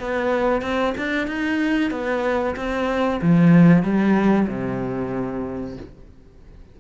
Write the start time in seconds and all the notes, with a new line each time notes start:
0.00 B3
0.62 C4
0.98 D4
1.28 D#4
1.91 B3
2.56 C4
3.22 F3
3.83 G3
4.48 C3